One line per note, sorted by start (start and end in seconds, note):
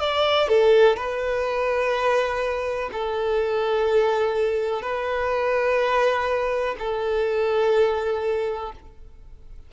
0.00 0.48 D5
0.48 0.96 A4
0.96 2.90 B4
2.93 4.82 A4
4.82 6.75 B4
6.79 8.72 A4